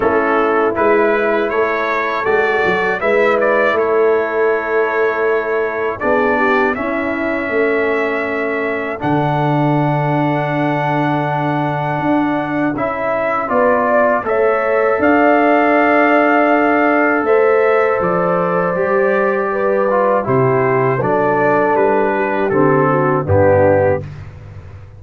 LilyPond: <<
  \new Staff \with { instrumentName = "trumpet" } { \time 4/4 \tempo 4 = 80 a'4 b'4 cis''4 d''4 | e''8 d''8 cis''2. | d''4 e''2. | fis''1~ |
fis''4 e''4 d''4 e''4 | f''2. e''4 | d''2. c''4 | d''4 b'4 a'4 g'4 | }
  \new Staff \with { instrumentName = "horn" } { \time 4/4 e'2 a'2 | b'4 a'2. | gis'8 g'8 e'4 a'2~ | a'1~ |
a'2 b'8 d''8 cis''4 | d''2. c''4~ | c''2 b'4 g'4 | a'4. g'4 fis'8 d'4 | }
  \new Staff \with { instrumentName = "trombone" } { \time 4/4 cis'4 e'2 fis'4 | e'1 | d'4 cis'2. | d'1~ |
d'4 e'4 f'4 a'4~ | a'1~ | a'4 g'4. f'8 e'4 | d'2 c'4 b4 | }
  \new Staff \with { instrumentName = "tuba" } { \time 4/4 a4 gis4 a4 gis8 fis8 | gis4 a2. | b4 cis'4 a2 | d1 |
d'4 cis'4 b4 a4 | d'2. a4 | f4 g2 c4 | fis4 g4 d4 g,4 | }
>>